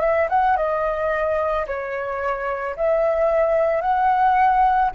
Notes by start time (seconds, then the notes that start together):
0.00 E5
0.29 F#5
0.56 D#5
1.67 C#5
2.76 E5
3.81 F#5